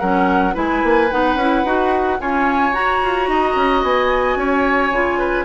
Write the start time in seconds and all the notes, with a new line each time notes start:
0.00 F#3 C#4 A#4 F#5
0.54 G#3 E4 B4 G#5
0.84 A#3
1.11 B3 D#4 F#5
1.35 C#4 E4
1.65 D#4 F#4
2.21 C#4 F4 C#5 G#5
2.73 F#4 A#5
3.04 F4
3.28 D#4 D#5
3.56 C#4
3.83 B3 G#5
4.37 C#4 C#5
4.91 C#3 F4
5.19 B4